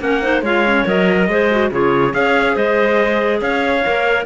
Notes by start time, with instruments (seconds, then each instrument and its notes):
0.00 cello A#3, clarinet C#4 A#4, trumpet F#5
0.22 clarinet D#4 C5
0.42 cello G#3, clarinet F4 C#5, trumpet F5
0.66 clarinet C#4
0.86 cello F#3, clarinet A#4, trumpet D#5
1.17 clarinet A#4
1.29 cello G#3, clarinet G#4 C5
1.51 clarinet F#4
1.72 cello C#3, clarinet F4 G#4, trumpet C#5
2.11 cello C#4, clarinet G#4, trumpet F5
2.17 clarinet C#5
2.55 cello G#3, clarinet C5, trumpet D#5
3.41 cello C#4, clarinet C#5, trumpet F5
3.85 cello A#3, clarinet A#4